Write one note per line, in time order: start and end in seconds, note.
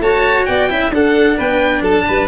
0.00 0.45 A3
0.00 0.69 F#4
0.00 0.48 C#5
0.00 0.46 A5
0.46 0.71 B3
0.46 0.70 D5
0.46 0.91 G5
0.69 0.91 C#4
0.69 0.92 E4
0.69 0.94 E5
0.91 1.36 D4
0.91 2.28 D4
0.91 1.37 A4
0.91 1.39 F#5
1.37 1.82 B3
1.37 1.83 B4
1.37 1.83 G5
1.82 2.05 F#3
1.82 2.05 A4
1.82 2.28 A5
2.08 2.28 G3
2.08 2.28 B4